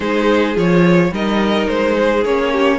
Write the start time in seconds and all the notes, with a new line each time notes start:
0.00 G#3 D#4 G#4 C5
0.55 F3 F4 C#5
1.11 G3 D#4 A#4 D#5
1.67 G#3 C5
1.96 G#4
2.24 A#3 C#4 C#5
2.52 G4